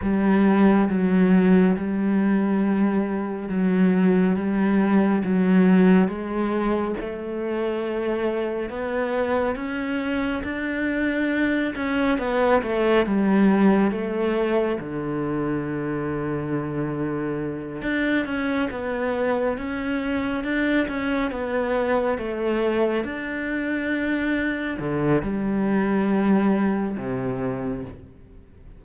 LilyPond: \new Staff \with { instrumentName = "cello" } { \time 4/4 \tempo 4 = 69 g4 fis4 g2 | fis4 g4 fis4 gis4 | a2 b4 cis'4 | d'4. cis'8 b8 a8 g4 |
a4 d2.~ | d8 d'8 cis'8 b4 cis'4 d'8 | cis'8 b4 a4 d'4.~ | d'8 d8 g2 c4 | }